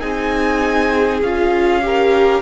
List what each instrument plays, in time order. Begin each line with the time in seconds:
0.00 cello C4, viola D#4, violin G#4 G#5
1.22 cello C#4, viola F4, violin F5
1.82 viola G4, violin A#4